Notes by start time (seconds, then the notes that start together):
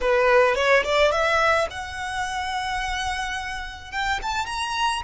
0.01 B4
0.55 C#5
0.83 D5
1.11 E5
1.70 F#5
3.91 G5
4.22 A5
4.46 A#5